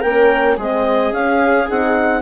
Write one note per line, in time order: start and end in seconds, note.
0.00 0.57 A#3
0.00 0.59 C#4
0.00 0.55 A#4
0.00 0.57 G5
0.57 1.12 G#3
0.57 1.14 C4
0.57 2.22 G#4
0.57 1.13 D#5
1.12 1.67 C#4
1.12 1.68 C#4
1.12 1.68 F5
1.68 2.22 C4
1.68 2.22 D#4
1.68 2.22 F#5